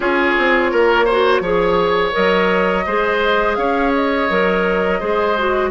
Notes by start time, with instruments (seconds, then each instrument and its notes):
0.00 bassoon C#4, clarinet F4, oboe G#4, flute C#5
0.37 bassoon C4
0.71 bassoon A#3, oboe A#4
1.05 clarinet F#4, oboe C5
1.40 bassoon F3, clarinet G#4, oboe C#5
2.12 bassoon F#3, clarinet A#4, flute D#5
2.86 bassoon G#3, clarinet G#4, oboe C5
3.55 bassoon C#4, oboe C#5, flute F5
3.94 flute D#5
4.29 bassoon F#3, clarinet A#4
4.99 bassoon G#3, clarinet G#4, oboe C5
5.37 clarinet F#4